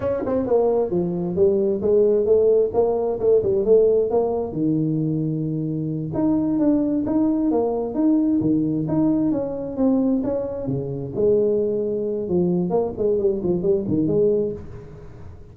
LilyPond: \new Staff \with { instrumentName = "tuba" } { \time 4/4 \tempo 4 = 132 cis'8 c'8 ais4 f4 g4 | gis4 a4 ais4 a8 g8 | a4 ais4 dis2~ | dis4. dis'4 d'4 dis'8~ |
dis'8 ais4 dis'4 dis4 dis'8~ | dis'8 cis'4 c'4 cis'4 cis8~ | cis8 gis2~ gis8 f4 | ais8 gis8 g8 f8 g8 dis8 gis4 | }